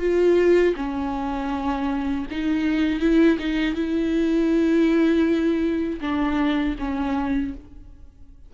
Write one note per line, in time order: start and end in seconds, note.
0.00 0.75 F4
0.76 2.26 C#4
2.31 3.00 D#4
3.00 3.38 E4
3.39 3.75 D#4
3.75 6.00 E4
6.01 6.76 D4
6.79 7.54 C#4